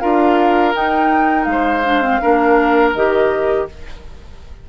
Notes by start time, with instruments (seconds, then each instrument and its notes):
0.00 bassoon D4, clarinet F4, oboe A#4, flute F5
0.73 clarinet D#4, bassoon D#4, flute G5
1.44 bassoon G#3, flute F5
1.51 oboe C5
1.84 clarinet D4
2.02 clarinet C4
2.21 bassoon A#3, clarinet D4, oboe A#4
2.94 bassoon D#3, clarinet G4, flute D#5